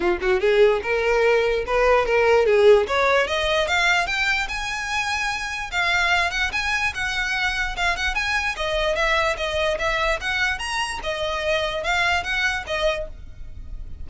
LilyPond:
\new Staff \with { instrumentName = "violin" } { \time 4/4 \tempo 4 = 147 f'8 fis'8 gis'4 ais'2 | b'4 ais'4 gis'4 cis''4 | dis''4 f''4 g''4 gis''4~ | gis''2 f''4. fis''8 |
gis''4 fis''2 f''8 fis''8 | gis''4 dis''4 e''4 dis''4 | e''4 fis''4 ais''4 dis''4~ | dis''4 f''4 fis''4 dis''4 | }